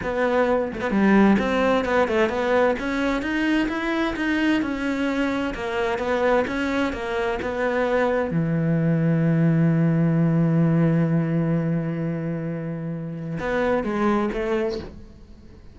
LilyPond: \new Staff \with { instrumentName = "cello" } { \time 4/4 \tempo 4 = 130 b4. a16 b16 g4 c'4 | b8 a8 b4 cis'4 dis'4 | e'4 dis'4 cis'2 | ais4 b4 cis'4 ais4 |
b2 e2~ | e1~ | e1~ | e4 b4 gis4 a4 | }